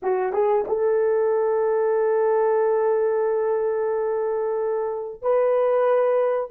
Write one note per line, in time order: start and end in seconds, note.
0.02 0.32 F#4
0.32 0.65 G#4
0.67 5.22 A4
5.22 6.50 B4